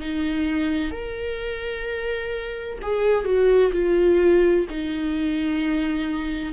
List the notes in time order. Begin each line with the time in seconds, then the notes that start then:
0.00 D#4
0.91 A#4
2.82 G#4
3.25 F#4
3.72 F4
4.70 D#4